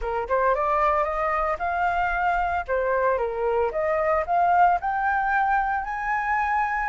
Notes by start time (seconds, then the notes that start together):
0.01 A#4
0.28 C5
0.54 D5
1.04 D#5
1.58 F5
2.67 C5
3.18 A#4
3.71 D#5
4.26 F5
4.80 G5
5.84 G#5